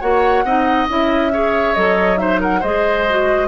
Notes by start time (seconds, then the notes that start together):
0.00 A#3 F#4 C#5 F#5
0.44 C4 D#4 D#5
0.88 C#4 E4 E5
1.33 G#4 C#5
1.75 F#3 A4 D#5
2.17 D#4 C5 E5
2.40 A#4 F#5
2.60 G#3 G#4 C5 D#5
3.09 F#4